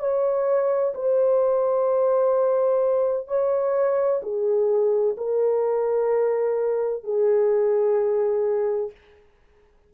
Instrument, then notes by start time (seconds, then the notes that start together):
horn
0.00 C#5
0.95 C5
3.28 C#5
4.23 G#4
5.17 A#4
7.04 G#4